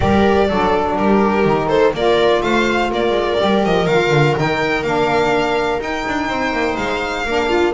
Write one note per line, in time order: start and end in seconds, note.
0.00 0.49 G3
0.00 0.48 G4
0.00 0.48 A#4
0.00 0.96 D5
0.48 0.96 F#3
0.48 1.45 D4
0.48 0.96 A4
0.96 1.44 G3
0.96 1.68 G4
0.96 1.68 A#4
1.44 1.93 D#3
1.44 1.93 D#4
1.68 1.92 A4
1.68 1.92 C5
1.93 2.41 A#3
1.93 3.37 F4
1.93 2.44 A#4
1.93 2.42 D5
2.42 2.90 A3
2.42 2.90 C5
2.42 2.90 F5
2.90 3.10 A#3
2.90 6.28 A#4
2.90 3.65 D5
3.10 3.34 G#3
3.37 3.65 G3
3.37 3.86 G4
3.65 3.86 F3
3.65 3.86 D#5
3.86 4.10 D#3
3.86 4.36 F4
3.86 4.35 F5
4.10 4.34 D3
4.36 4.83 D#3
4.36 4.84 D#4
4.36 4.83 G5
4.83 5.79 A#3
4.83 5.79 D4
4.83 5.80 F5
5.79 7.24 D#4
5.79 6.04 D#4
5.79 6.76 G5
6.07 6.29 D4
6.28 6.52 C4
6.28 7.25 C5
6.52 6.76 A#3
6.76 7.25 G#3
6.76 7.73 F5
7.25 7.73 A#3
7.25 7.73 D4
7.25 7.49 A#4
7.49 7.73 F4